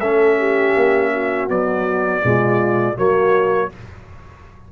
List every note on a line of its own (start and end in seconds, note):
0.00 0.74 A3
0.00 1.50 C#4
0.00 0.38 A4
0.00 1.48 E5
0.38 1.12 G4
0.76 1.49 A#3
1.13 2.24 F#4
1.49 2.22 F#3
1.49 2.23 B3
1.49 2.98 D5
2.22 2.98 B2
2.22 2.95 G#3
2.22 2.97 F4
2.95 3.72 F#3
2.95 3.69 A#3
2.95 3.71 F#4
2.95 3.72 C#5